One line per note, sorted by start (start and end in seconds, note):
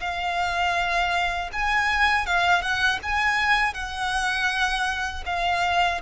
0.00 1.50 F5
1.52 2.26 G#5
2.26 2.61 F5
2.61 2.99 F#5
3.02 3.74 G#5
3.74 5.24 F#5
5.26 6.01 F5